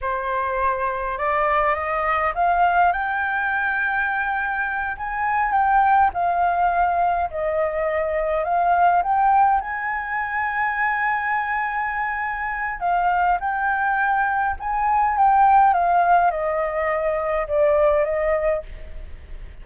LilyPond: \new Staff \with { instrumentName = "flute" } { \time 4/4 \tempo 4 = 103 c''2 d''4 dis''4 | f''4 g''2.~ | g''8 gis''4 g''4 f''4.~ | f''8 dis''2 f''4 g''8~ |
g''8 gis''2.~ gis''8~ | gis''2 f''4 g''4~ | g''4 gis''4 g''4 f''4 | dis''2 d''4 dis''4 | }